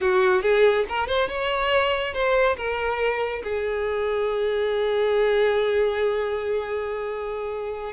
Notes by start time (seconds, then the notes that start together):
0.01 F#4
0.42 G#4
0.88 A#4
1.07 C5
1.29 C#5
2.13 C5
2.56 A#4
3.43 G#4